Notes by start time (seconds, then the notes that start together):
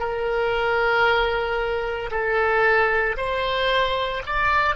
0.00 A#4
2.11 A4
3.18 C5
4.27 D5